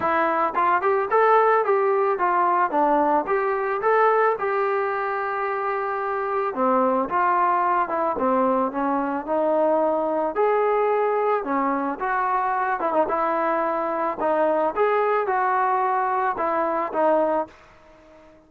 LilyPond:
\new Staff \with { instrumentName = "trombone" } { \time 4/4 \tempo 4 = 110 e'4 f'8 g'8 a'4 g'4 | f'4 d'4 g'4 a'4 | g'1 | c'4 f'4. e'8 c'4 |
cis'4 dis'2 gis'4~ | gis'4 cis'4 fis'4. e'16 dis'16 | e'2 dis'4 gis'4 | fis'2 e'4 dis'4 | }